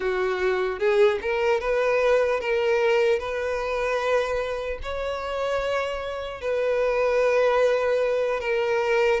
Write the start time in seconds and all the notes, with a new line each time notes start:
0.00 F#4
0.79 G#4
1.21 A#4
1.60 B4
2.40 A#4
3.19 B4
4.82 C#5
6.41 B4
8.40 A#4